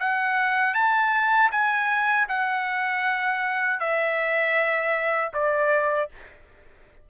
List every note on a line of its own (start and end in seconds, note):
0.00 0.74 F#5
0.74 1.50 A5
1.52 2.28 G#5
2.29 3.80 F#5
3.80 5.32 E5
5.34 6.10 D5